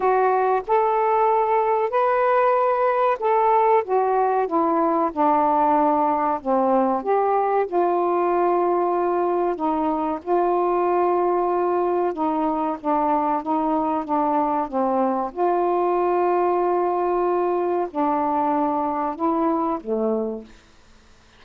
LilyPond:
\new Staff \with { instrumentName = "saxophone" } { \time 4/4 \tempo 4 = 94 fis'4 a'2 b'4~ | b'4 a'4 fis'4 e'4 | d'2 c'4 g'4 | f'2. dis'4 |
f'2. dis'4 | d'4 dis'4 d'4 c'4 | f'1 | d'2 e'4 a4 | }